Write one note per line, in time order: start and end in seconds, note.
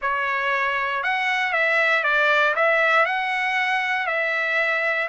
0.01 1.03 C#5
1.03 1.53 F#5
1.53 2.03 E5
2.03 2.54 D5
2.55 3.05 E5
3.05 4.06 F#5
4.06 5.08 E5